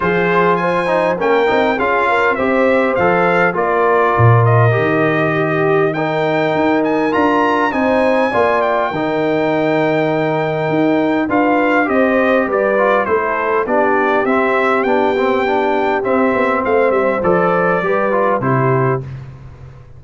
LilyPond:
<<
  \new Staff \with { instrumentName = "trumpet" } { \time 4/4 \tempo 4 = 101 c''4 gis''4 g''4 f''4 | e''4 f''4 d''4. dis''8~ | dis''2 g''4. gis''8 | ais''4 gis''4. g''4.~ |
g''2. f''4 | dis''4 d''4 c''4 d''4 | e''4 g''2 e''4 | f''8 e''8 d''2 c''4 | }
  \new Staff \with { instrumentName = "horn" } { \time 4/4 gis'4 c''4 ais'4 gis'8 ais'8 | c''2 ais'2~ | ais'4 g'4 ais'2~ | ais'4 c''4 d''4 ais'4~ |
ais'2. b'4 | c''4 b'4 a'4 g'4~ | g'1 | c''2 b'4 g'4 | }
  \new Staff \with { instrumentName = "trombone" } { \time 4/4 f'4. dis'8 cis'8 dis'8 f'4 | g'4 a'4 f'2 | g'2 dis'2 | f'4 dis'4 f'4 dis'4~ |
dis'2. f'4 | g'4. f'8 e'4 d'4 | c'4 d'8 c'8 d'4 c'4~ | c'4 a'4 g'8 f'8 e'4 | }
  \new Staff \with { instrumentName = "tuba" } { \time 4/4 f2 ais8 c'8 cis'4 | c'4 f4 ais4 ais,4 | dis2. dis'4 | d'4 c'4 ais4 dis4~ |
dis2 dis'4 d'4 | c'4 g4 a4 b4 | c'4 b2 c'8 b8 | a8 g8 f4 g4 c4 | }
>>